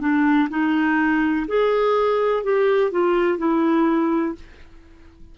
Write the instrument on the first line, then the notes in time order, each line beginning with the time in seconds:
clarinet
0.00 D4
0.50 D#4
1.48 G#4
2.44 G4
2.91 F4
3.38 E4